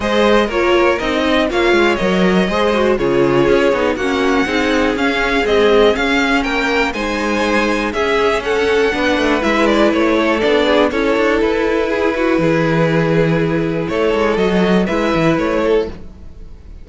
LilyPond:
<<
  \new Staff \with { instrumentName = "violin" } { \time 4/4 \tempo 4 = 121 dis''4 cis''4 dis''4 f''4 | dis''2 cis''2 | fis''2 f''4 dis''4 | f''4 g''4 gis''2 |
e''4 fis''2 e''8 d''8 | cis''4 d''4 cis''4 b'4~ | b'1 | cis''4 dis''4 e''4 cis''4 | }
  \new Staff \with { instrumentName = "violin" } { \time 4/4 c''4 ais'4. dis''8 cis''4~ | cis''4 c''4 gis'2 | fis'4 gis'2.~ | gis'4 ais'4 c''2 |
gis'4 a'4 b'2~ | b'8 a'4 gis'8 a'2 | gis'8 fis'8 gis'2. | a'2 b'4. a'8 | }
  \new Staff \with { instrumentName = "viola" } { \time 4/4 gis'4 f'4 dis'4 f'4 | ais'4 gis'8 fis'8 f'4. dis'8 | cis'4 dis'4 cis'4 gis4 | cis'2 dis'2 |
cis'2 d'4 e'4~ | e'4 d'4 e'2~ | e'1~ | e'4 fis'4 e'2 | }
  \new Staff \with { instrumentName = "cello" } { \time 4/4 gis4 ais4 c'4 ais8 gis8 | fis4 gis4 cis4 cis'8 b8 | ais4 c'4 cis'4 c'4 | cis'4 ais4 gis2 |
cis'2 b8 a8 gis4 | a4 b4 cis'8 d'8 e'4~ | e'4 e2. | a8 gis8 fis4 gis8 e8 a4 | }
>>